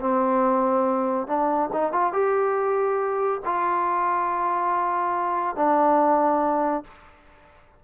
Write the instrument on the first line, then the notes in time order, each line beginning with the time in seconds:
trombone
0.00 C4
1.27 D4
1.73 D#4
1.92 F4
2.13 G4
3.45 F4
5.56 D4